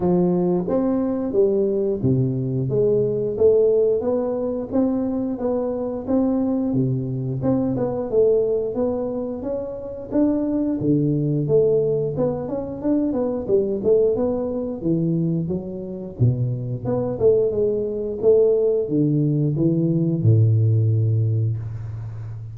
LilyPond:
\new Staff \with { instrumentName = "tuba" } { \time 4/4 \tempo 4 = 89 f4 c'4 g4 c4 | gis4 a4 b4 c'4 | b4 c'4 c4 c'8 b8 | a4 b4 cis'4 d'4 |
d4 a4 b8 cis'8 d'8 b8 | g8 a8 b4 e4 fis4 | b,4 b8 a8 gis4 a4 | d4 e4 a,2 | }